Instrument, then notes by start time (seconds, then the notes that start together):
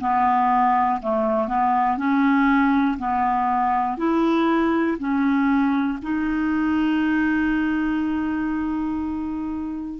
clarinet
0.00 B3
1.02 A3
1.48 B3
1.97 C#4
2.98 B3
3.97 E4
4.99 C#4
6.02 D#4